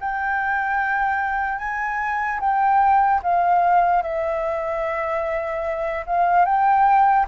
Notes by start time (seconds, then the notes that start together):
0.00 G5
1.58 G#5
2.40 G5
3.22 F5
4.02 E5
6.06 F5
6.45 G5